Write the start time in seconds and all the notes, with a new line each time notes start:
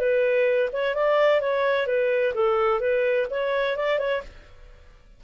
0.00 B4
0.73 C#5
0.95 D5
1.41 C#5
1.87 B4
2.34 A4
2.81 B4
3.31 C#5
3.77 D5
3.99 C#5